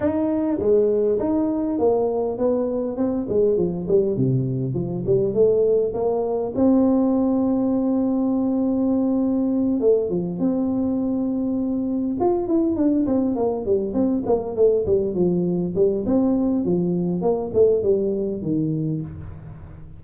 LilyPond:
\new Staff \with { instrumentName = "tuba" } { \time 4/4 \tempo 4 = 101 dis'4 gis4 dis'4 ais4 | b4 c'8 gis8 f8 g8 c4 | f8 g8 a4 ais4 c'4~ | c'1~ |
c'8 a8 f8 c'2~ c'8~ | c'8 f'8 e'8 d'8 c'8 ais8 g8 c'8 | ais8 a8 g8 f4 g8 c'4 | f4 ais8 a8 g4 dis4 | }